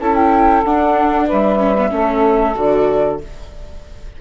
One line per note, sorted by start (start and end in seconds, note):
0.00 0.64 C#4
0.00 0.65 E4
0.00 1.27 A4
0.00 0.16 A5
0.16 0.63 G5
0.65 1.29 D4
0.65 1.60 D4
0.65 1.28 F#5
1.27 1.92 G3
1.27 1.91 B4
1.27 2.57 E5
1.60 1.76 C#4
1.78 1.90 B3
1.90 2.56 A3
1.90 2.54 C#4
1.90 3.22 A4
2.55 3.20 D3
2.55 3.19 F#4
2.55 3.21 D5